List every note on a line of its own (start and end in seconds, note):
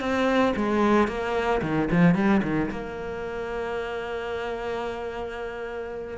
0.00 0.54 C4
0.56 1.08 G#3
1.08 1.61 A#3
1.62 1.89 D#3
1.91 2.15 F3
2.15 2.41 G3
2.43 2.70 D#3
2.71 6.18 A#3